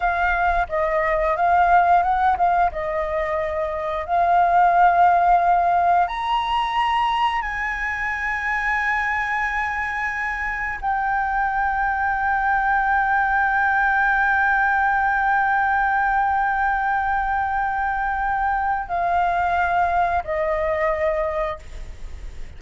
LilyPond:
\new Staff \with { instrumentName = "flute" } { \time 4/4 \tempo 4 = 89 f''4 dis''4 f''4 fis''8 f''8 | dis''2 f''2~ | f''4 ais''2 gis''4~ | gis''1 |
g''1~ | g''1~ | g''1 | f''2 dis''2 | }